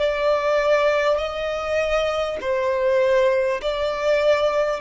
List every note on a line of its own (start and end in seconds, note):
0.00 1.18 D5
1.18 2.38 D#5
2.41 3.61 C5
3.62 4.81 D5